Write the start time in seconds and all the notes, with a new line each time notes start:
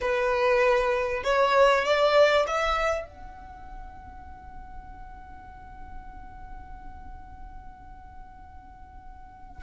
0.01 B4
1.23 C#5
1.85 D5
2.47 E5
3.07 F#5